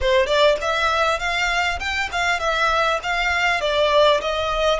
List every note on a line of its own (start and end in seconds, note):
0.00 0.26 C5
0.26 0.56 D5
0.61 1.19 E5
1.19 1.79 F5
1.79 2.09 G5
2.12 2.39 F5
2.39 2.99 E5
3.02 3.60 F5
3.60 4.20 D5
4.21 4.79 D#5